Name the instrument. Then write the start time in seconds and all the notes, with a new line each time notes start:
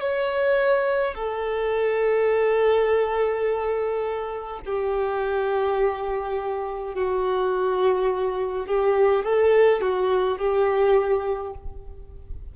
violin
0.00 C#5
1.14 A4
4.65 G4
6.94 F#4
8.66 G4
9.24 A4
9.81 F#4
10.37 G4